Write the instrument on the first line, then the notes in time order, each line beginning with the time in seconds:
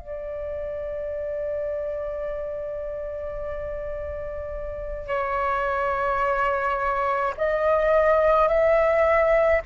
flute
0.00 D5
5.08 C#5
7.37 D#5
8.49 E5